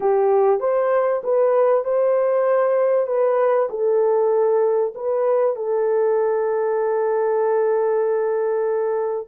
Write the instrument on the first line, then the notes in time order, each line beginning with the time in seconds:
horn
0.00 G4
0.60 C5
1.23 B4
1.84 C5
3.06 B4
3.69 A4
4.94 B4
5.56 A4